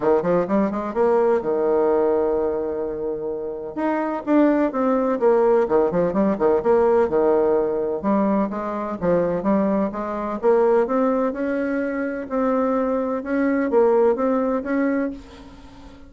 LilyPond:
\new Staff \with { instrumentName = "bassoon" } { \time 4/4 \tempo 4 = 127 dis8 f8 g8 gis8 ais4 dis4~ | dis1 | dis'4 d'4 c'4 ais4 | dis8 f8 g8 dis8 ais4 dis4~ |
dis4 g4 gis4 f4 | g4 gis4 ais4 c'4 | cis'2 c'2 | cis'4 ais4 c'4 cis'4 | }